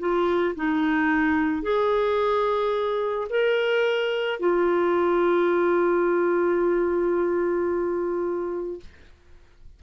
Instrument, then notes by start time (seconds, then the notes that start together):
clarinet
0.00 F4
0.56 D#4
1.63 G#4
3.30 A#4
4.40 F4